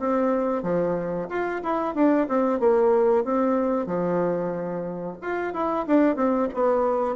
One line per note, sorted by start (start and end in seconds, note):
0.00 0.63 C4
0.63 1.29 F3
1.30 1.62 F4
1.64 1.95 E4
1.95 2.28 D4
2.29 2.60 C4
2.60 3.25 A#3
3.25 3.87 C4
3.87 5.18 F3
5.22 5.54 F4
5.54 5.87 E4
5.88 6.16 D4
6.16 6.49 C4
6.55 7.16 B3